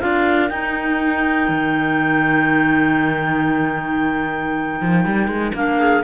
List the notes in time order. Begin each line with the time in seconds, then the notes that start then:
0.00 D4 F4 A#4 F5
0.49 D#4 G5
1.49 D#3
4.81 F3
5.06 G3
5.28 G#3
5.54 A#3 D4 F5
5.79 G#4